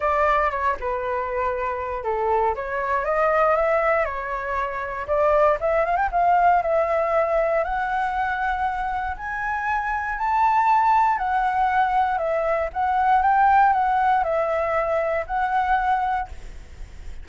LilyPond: \new Staff \with { instrumentName = "flute" } { \time 4/4 \tempo 4 = 118 d''4 cis''8 b'2~ b'8 | a'4 cis''4 dis''4 e''4 | cis''2 d''4 e''8 f''16 g''16 | f''4 e''2 fis''4~ |
fis''2 gis''2 | a''2 fis''2 | e''4 fis''4 g''4 fis''4 | e''2 fis''2 | }